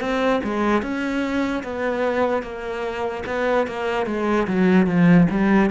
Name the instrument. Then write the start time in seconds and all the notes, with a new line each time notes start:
cello
0.00 C4
0.43 G#3
0.82 C#4
1.63 B3
2.42 A#3
3.26 B3
3.67 A#3
4.06 G#3
4.47 F#3
4.86 F3
5.30 G3